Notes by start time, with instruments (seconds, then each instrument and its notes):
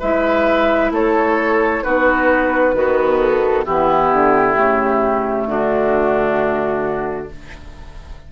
0.00 bassoon G#3, clarinet E4, oboe B4, flute E5
0.91 bassoon A3, oboe A4, flute C#5
1.84 bassoon B3, clarinet D#4, oboe F#4, flute B4
2.74 bassoon D#3, oboe B3, clarinet F#4
3.20 flute A4
3.66 bassoon E3, clarinet B3, oboe E4, flute G4
4.13 bassoon D3
4.54 bassoon C#3, clarinet A3
5.46 bassoon D3, oboe D4, flute F#4